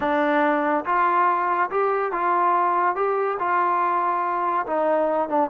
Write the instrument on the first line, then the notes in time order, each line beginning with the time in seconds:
trombone
0.00 D4
0.85 F4
1.70 G4
2.12 F4
2.95 G4
3.39 F4
4.66 D#4
5.28 D4